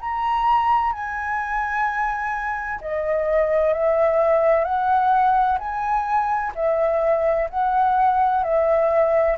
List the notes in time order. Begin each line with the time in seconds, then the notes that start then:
0.00 A#5
0.92 G#5
2.81 D#5
3.73 E5
4.64 F#5
5.59 G#5
6.55 E5
7.50 F#5
8.43 E5